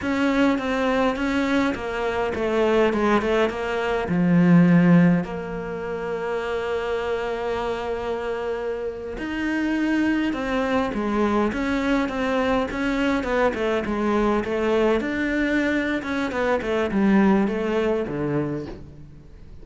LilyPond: \new Staff \with { instrumentName = "cello" } { \time 4/4 \tempo 4 = 103 cis'4 c'4 cis'4 ais4 | a4 gis8 a8 ais4 f4~ | f4 ais2.~ | ais2.~ ais8. dis'16~ |
dis'4.~ dis'16 c'4 gis4 cis'16~ | cis'8. c'4 cis'4 b8 a8 gis16~ | gis8. a4 d'4.~ d'16 cis'8 | b8 a8 g4 a4 d4 | }